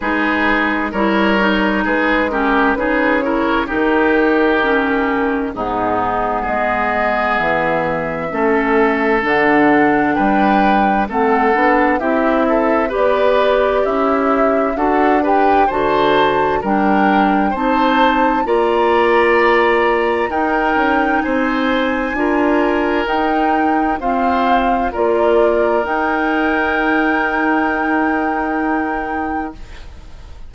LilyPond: <<
  \new Staff \with { instrumentName = "flute" } { \time 4/4 \tempo 4 = 65 b'4 cis''4 b'8 ais'8 b'8 cis''8 | ais'2 gis'4 dis''4 | e''2 fis''4 g''4 | fis''4 e''4 d''4 e''4 |
fis''8 g''8 a''4 g''4 a''4 | ais''2 g''4 gis''4~ | gis''4 g''4 f''4 d''4 | g''1 | }
  \new Staff \with { instrumentName = "oboe" } { \time 4/4 gis'4 ais'4 gis'8 g'8 gis'8 ais'8 | g'2 dis'4 gis'4~ | gis'4 a'2 b'4 | a'4 g'8 a'8 b'4 e'4 |
a'8 b'8 c''4 ais'4 c''4 | d''2 ais'4 c''4 | ais'2 c''4 ais'4~ | ais'1 | }
  \new Staff \with { instrumentName = "clarinet" } { \time 4/4 dis'4 e'8 dis'4 cis'8 dis'8 e'8 | dis'4 cis'4 b2~ | b4 cis'4 d'2 | c'8 d'8 e'4 g'2 |
fis'8 g'8 fis'4 d'4 dis'4 | f'2 dis'2 | f'4 dis'4 c'4 f'4 | dis'1 | }
  \new Staff \with { instrumentName = "bassoon" } { \time 4/4 gis4 g4 gis4 cis4 | dis2 gis,4 gis4 | e4 a4 d4 g4 | a8 b8 c'4 b4 cis'4 |
d'4 d4 g4 c'4 | ais2 dis'8 cis'8 c'4 | d'4 dis'4 f'4 ais4 | dis'1 | }
>>